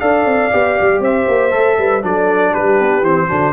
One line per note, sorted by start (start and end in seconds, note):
0.00 0.25 D4
0.00 0.51 A4
0.00 1.01 D5
0.00 1.01 F5
0.25 0.50 C4
0.51 0.79 B3
0.51 1.51 G4
0.81 1.00 G3
1.00 1.25 C4
1.00 1.77 C5
1.00 2.04 E5
1.28 1.52 A#3
1.51 1.78 A3
1.51 2.01 A4
1.78 2.03 G3
1.78 2.04 B4
2.03 2.54 F#3
2.03 3.03 D4
2.03 2.51 A4
2.03 2.54 D5
2.51 2.80 G3
2.51 3.27 G4
2.51 3.05 B4
2.80 3.02 B3
3.02 3.27 E3
3.02 3.28 C4
3.02 3.53 C5
3.27 3.53 D3
3.27 3.53 D4
3.27 3.53 F#4